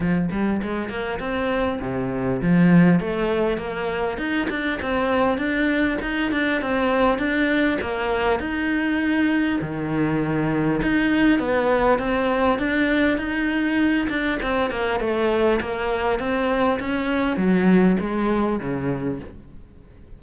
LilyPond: \new Staff \with { instrumentName = "cello" } { \time 4/4 \tempo 4 = 100 f8 g8 gis8 ais8 c'4 c4 | f4 a4 ais4 dis'8 d'8 | c'4 d'4 dis'8 d'8 c'4 | d'4 ais4 dis'2 |
dis2 dis'4 b4 | c'4 d'4 dis'4. d'8 | c'8 ais8 a4 ais4 c'4 | cis'4 fis4 gis4 cis4 | }